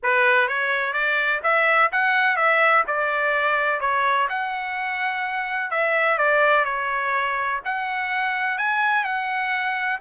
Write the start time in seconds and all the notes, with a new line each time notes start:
0.02 B4
0.48 C#5
0.93 D5
1.43 E5
1.92 F#5
2.36 E5
2.87 D5
3.80 C#5
4.29 F#5
5.70 E5
6.18 D5
6.65 C#5
7.64 F#5
8.58 G#5
9.04 F#5